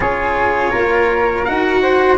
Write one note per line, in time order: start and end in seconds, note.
0.00 0.72 C#4
0.00 1.46 F4
0.00 0.71 G#4
0.00 1.44 C#5
0.71 1.47 A#3
0.71 1.80 A#4
1.44 2.18 D#4
1.44 2.18 F#4
1.44 2.17 F#5
1.82 2.18 C5